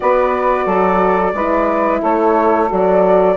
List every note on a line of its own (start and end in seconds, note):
0.00 0.66 B3
0.00 1.34 F#4
0.00 0.65 B4
0.00 1.99 D5
0.65 1.33 F#3
0.65 1.32 A4
1.33 2.01 G#3
1.33 2.68 E4
1.33 2.00 B4
2.00 2.70 A3
2.00 3.35 A4
2.00 2.70 C#5
2.68 3.36 F#3
2.68 3.35 F#4
2.68 3.36 D5